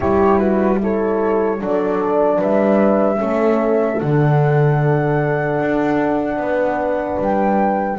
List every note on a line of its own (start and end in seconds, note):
0.00 1.61 G3
0.00 0.78 E4
0.00 0.39 G4
0.00 0.38 C#5
0.38 0.78 F#4
0.38 0.78 B4
0.78 1.58 E4
0.78 1.60 A4
0.78 1.63 C#5
1.59 2.41 F#3
1.59 3.16 D4
1.59 2.37 A4
1.59 2.42 D5
2.37 3.21 G3
2.37 3.17 B4
2.37 4.00 E5
3.16 4.01 A3
3.16 3.96 C#4
3.16 6.38 A4
4.00 5.60 D3
4.00 7.99 D4
4.00 7.20 F#5
5.60 6.36 D4
6.36 7.16 B3
6.36 7.99 B4
7.19 7.99 G3
7.19 7.99 G5